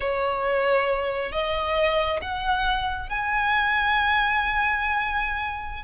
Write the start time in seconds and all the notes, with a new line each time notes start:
0.00 C#5
1.32 D#5
2.21 F#5
3.09 G#5